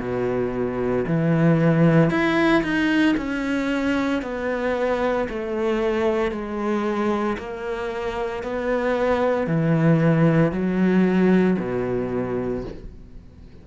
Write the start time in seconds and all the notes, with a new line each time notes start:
0.00 B2
1.07 E3
2.11 E4
2.63 D#4
3.17 C#4
4.22 B3
5.29 A3
6.32 G#3
7.38 A#3
8.43 B3
9.47 E3
10.52 F#3
11.59 B2